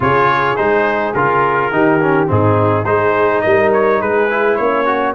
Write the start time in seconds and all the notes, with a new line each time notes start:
0.00 C#3 F4 G#4 C#5
0.56 G#3 D#4 C5
1.14 C#3 F4 A#4
1.71 D#3 D#4 G4
2.01 C#4
2.27 G#2 C4 D#4 G#4
2.84 G#3 D#4 G#4 C5
3.41 G3 A#4 D#5
3.72 C#5
4.00 G#3 G#4 B4
4.30 E4
4.55 A#3 C#4 C#5
4.85 F#4